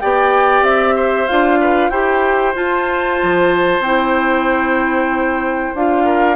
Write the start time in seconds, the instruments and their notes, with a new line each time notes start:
0.00 bassoon B3, clarinet G4, oboe D5, flute G5
0.62 bassoon C4, flute E5
0.95 oboe C5
1.27 bassoon D4, clarinet F4, flute F5
1.61 oboe B4
1.89 bassoon E4, clarinet G4, oboe C5, flute G5
2.54 clarinet F4, bassoon F4, flute A5
3.23 bassoon F3
3.79 bassoon C4, clarinet E4, flute G5
5.75 bassoon D4, clarinet F4, flute F5
6.05 oboe A#4